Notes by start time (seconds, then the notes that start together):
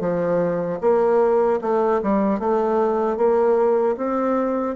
0.00 F3
0.81 A#3
1.61 A3
2.03 G3
2.39 A3
3.17 A#3
3.97 C4